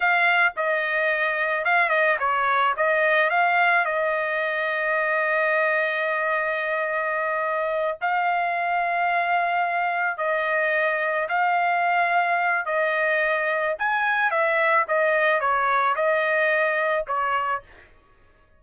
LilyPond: \new Staff \with { instrumentName = "trumpet" } { \time 4/4 \tempo 4 = 109 f''4 dis''2 f''8 dis''8 | cis''4 dis''4 f''4 dis''4~ | dis''1~ | dis''2~ dis''8 f''4.~ |
f''2~ f''8 dis''4.~ | dis''8 f''2~ f''8 dis''4~ | dis''4 gis''4 e''4 dis''4 | cis''4 dis''2 cis''4 | }